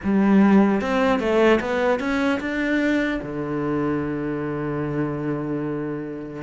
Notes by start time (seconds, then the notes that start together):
0.03 G3
0.81 C4
1.19 A3
1.60 B3
1.99 C#4
2.40 D4
3.22 D3